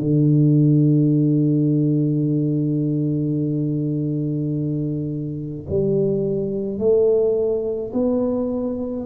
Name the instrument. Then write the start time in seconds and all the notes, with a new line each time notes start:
tuba
0.00 D3
5.69 G3
6.79 A3
7.93 B3